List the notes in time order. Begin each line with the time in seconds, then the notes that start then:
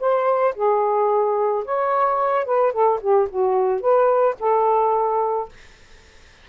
0.00 C5
0.55 G#4
1.65 C#5
2.45 B4
2.72 A4
3.01 G4
3.30 F#4
3.81 B4
4.40 A4